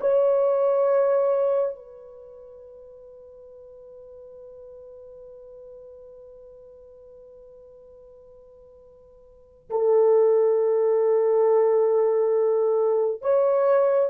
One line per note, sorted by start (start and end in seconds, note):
0.00 1.75 C#5
1.75 9.69 B4
9.70 13.22 A4
13.22 14.10 C#5